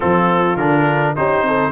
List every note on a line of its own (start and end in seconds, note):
0.00 0.56 F3
0.00 0.57 C4
0.00 1.15 F4
0.00 0.56 A4
0.56 1.14 D3
0.56 1.16 D4
0.56 1.14 A#4
1.16 1.41 C#4
1.16 1.71 D#4
1.16 1.46 G4
1.16 1.71 C5
1.41 1.70 C4
1.41 1.71 A4